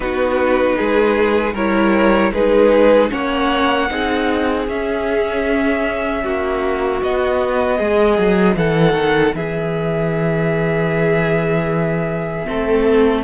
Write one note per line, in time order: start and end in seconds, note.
0.00 0.75 B3
0.00 1.54 D#4
0.00 0.77 F#4
0.00 1.54 B4
0.77 1.54 G#3
0.77 1.53 G#4
1.53 2.32 G3
1.53 2.34 E4
1.53 2.31 A#4
1.53 2.33 C#5
2.32 3.10 G#3
2.32 3.09 D#4
2.32 3.11 G#4
2.32 3.10 B4
3.09 3.89 A#3
3.09 3.87 C#4
3.09 3.89 C#5
3.09 4.66 F#5
3.89 4.67 C4
3.89 4.67 D#4
3.89 6.23 G#4
4.67 6.23 C#4
4.67 7.01 C#4
4.67 7.03 E5
6.23 7.01 A#3
6.23 7.77 F#4
7.01 12.47 B3
7.01 7.80 B3
7.01 8.56 D#5
7.77 8.18 G#3
7.77 8.55 G#4
8.18 8.55 F#3
8.55 8.93 E3
8.55 9.35 A4
8.55 9.34 F#5
8.93 9.32 D#3
9.34 12.46 E3
9.34 12.47 G#4
9.34 13.24 E5
12.47 13.24 A3
12.47 13.24 C4
12.47 13.24 A4